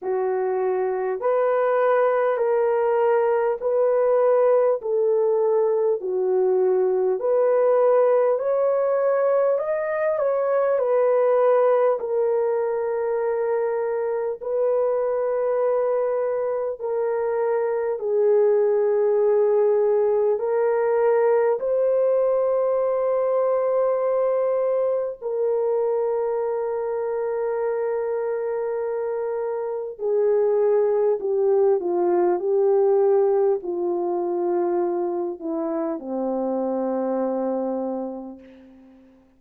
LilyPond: \new Staff \with { instrumentName = "horn" } { \time 4/4 \tempo 4 = 50 fis'4 b'4 ais'4 b'4 | a'4 fis'4 b'4 cis''4 | dis''8 cis''8 b'4 ais'2 | b'2 ais'4 gis'4~ |
gis'4 ais'4 c''2~ | c''4 ais'2.~ | ais'4 gis'4 g'8 f'8 g'4 | f'4. e'8 c'2 | }